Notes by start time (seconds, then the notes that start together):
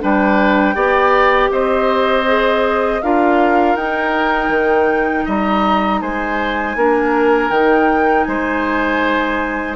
0.00 G3 D4 B4 G5
0.74 B3 G4 D5
1.50 C4 C5 D#5
2.26 G#4
3.02 D4 F4 A#4 F5
3.75 D#4 G5
4.49 D#3
5.25 G3 D#5 A#5
6.01 G#3 C5 G#5
6.76 A#3 D4 A#4
7.50 D#3 D#4 G5
8.24 G#3 C5 G#5